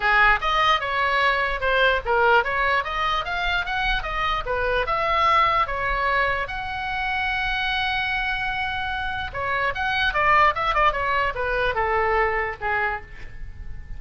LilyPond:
\new Staff \with { instrumentName = "oboe" } { \time 4/4 \tempo 4 = 148 gis'4 dis''4 cis''2 | c''4 ais'4 cis''4 dis''4 | f''4 fis''4 dis''4 b'4 | e''2 cis''2 |
fis''1~ | fis''2. cis''4 | fis''4 d''4 e''8 d''8 cis''4 | b'4 a'2 gis'4 | }